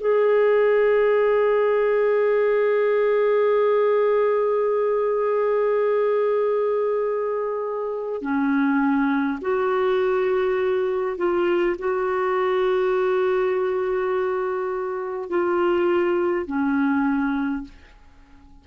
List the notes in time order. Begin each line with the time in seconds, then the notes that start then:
0.00 G#4
8.21 C#4
9.41 F#4
11.17 F4
11.78 F#4
15.29 F4
16.46 C#4